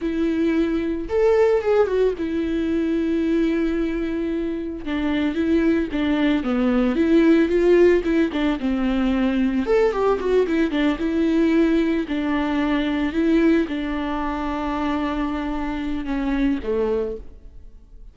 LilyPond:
\new Staff \with { instrumentName = "viola" } { \time 4/4 \tempo 4 = 112 e'2 a'4 gis'8 fis'8 | e'1~ | e'4 d'4 e'4 d'4 | b4 e'4 f'4 e'8 d'8 |
c'2 a'8 g'8 fis'8 e'8 | d'8 e'2 d'4.~ | d'8 e'4 d'2~ d'8~ | d'2 cis'4 a4 | }